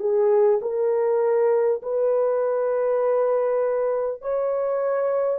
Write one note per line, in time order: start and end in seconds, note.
0.00 0.60 G#4
0.62 1.82 A#4
1.83 4.22 B4
4.22 5.39 C#5